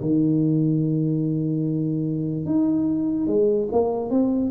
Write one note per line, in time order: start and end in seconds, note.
0.00 2.45 D#3
2.45 3.27 D#4
3.27 3.68 G#3
3.71 4.10 A#3
4.10 4.50 C4